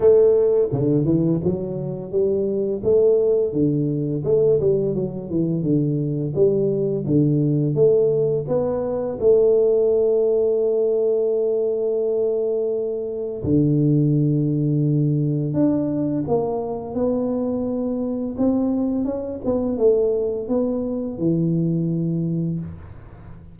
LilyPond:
\new Staff \with { instrumentName = "tuba" } { \time 4/4 \tempo 4 = 85 a4 d8 e8 fis4 g4 | a4 d4 a8 g8 fis8 e8 | d4 g4 d4 a4 | b4 a2.~ |
a2. d4~ | d2 d'4 ais4 | b2 c'4 cis'8 b8 | a4 b4 e2 | }